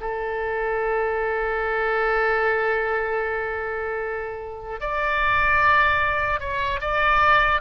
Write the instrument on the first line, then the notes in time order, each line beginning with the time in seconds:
oboe
0.00 A4
4.80 D5
6.40 C#5
6.80 D5